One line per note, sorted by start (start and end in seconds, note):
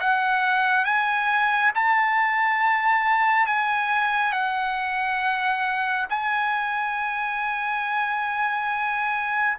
0.00 0.85 F#5
0.85 1.72 G#5
1.75 3.47 A5
3.47 4.32 G#5
4.32 6.06 F#5
6.10 9.58 G#5